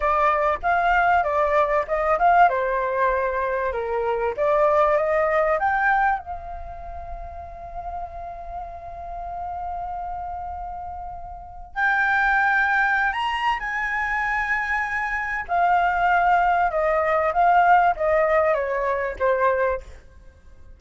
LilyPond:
\new Staff \with { instrumentName = "flute" } { \time 4/4 \tempo 4 = 97 d''4 f''4 d''4 dis''8 f''8 | c''2 ais'4 d''4 | dis''4 g''4 f''2~ | f''1~ |
f''2. g''4~ | g''4~ g''16 ais''8. gis''2~ | gis''4 f''2 dis''4 | f''4 dis''4 cis''4 c''4 | }